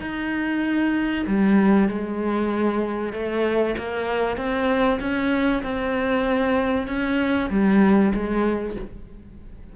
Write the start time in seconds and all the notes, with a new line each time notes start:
0.00 D#4
1.27 G3
1.88 G#3
3.12 A3
3.77 A#3
4.37 C4
5.00 C#4
5.62 C4
6.87 C#4
7.50 G3
8.13 G#3